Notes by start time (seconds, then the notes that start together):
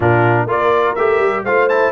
0.00 A#2 D4 F4 A#4
0.46 A#3 F4 D5
0.52 A#4
0.95 A3 G4 E5
1.19 G3
1.43 A3 F4 C5 F5
1.68 E4 A5